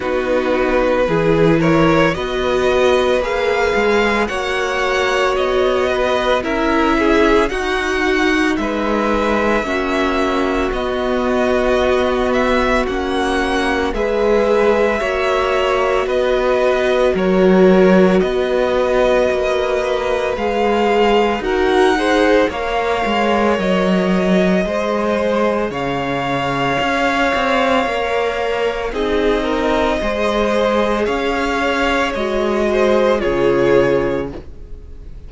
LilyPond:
<<
  \new Staff \with { instrumentName = "violin" } { \time 4/4 \tempo 4 = 56 b'4. cis''8 dis''4 f''4 | fis''4 dis''4 e''4 fis''4 | e''2 dis''4. e''8 | fis''4 e''2 dis''4 |
cis''4 dis''2 f''4 | fis''4 f''4 dis''2 | f''2. dis''4~ | dis''4 f''4 dis''4 cis''4 | }
  \new Staff \with { instrumentName = "violin" } { \time 4/4 fis'4 gis'8 ais'8 b'2 | cis''4. b'8 ais'8 gis'8 fis'4 | b'4 fis'2.~ | fis'4 b'4 cis''4 b'4 |
ais'4 b'2. | ais'8 c''8 cis''2 c''4 | cis''2. gis'8 ais'8 | c''4 cis''4. c''8 gis'4 | }
  \new Staff \with { instrumentName = "viola" } { \time 4/4 dis'4 e'4 fis'4 gis'4 | fis'2 e'4 dis'4~ | dis'4 cis'4 b2 | cis'4 gis'4 fis'2~ |
fis'2. gis'4 | fis'8 gis'8 ais'2 gis'4~ | gis'2 ais'4 dis'4 | gis'2 fis'4 f'4 | }
  \new Staff \with { instrumentName = "cello" } { \time 4/4 b4 e4 b4 ais8 gis8 | ais4 b4 cis'4 dis'4 | gis4 ais4 b2 | ais4 gis4 ais4 b4 |
fis4 b4 ais4 gis4 | dis'4 ais8 gis8 fis4 gis4 | cis4 cis'8 c'8 ais4 c'4 | gis4 cis'4 gis4 cis4 | }
>>